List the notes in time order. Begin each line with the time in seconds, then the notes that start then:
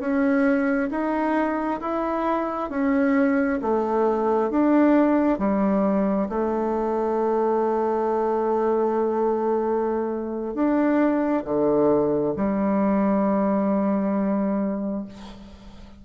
0.00 C#4
0.91 D#4
1.81 E4
2.70 C#4
3.62 A3
4.50 D4
5.39 G3
6.29 A3
10.54 D4
11.45 D3
12.37 G3